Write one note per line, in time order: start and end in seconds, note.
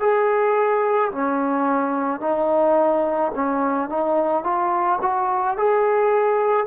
0.00 1.11 G#4
1.11 2.20 C#4
2.20 3.31 D#4
3.34 3.89 C#4
3.89 4.43 D#4
4.43 4.99 F4
5.02 5.57 F#4
5.57 6.66 G#4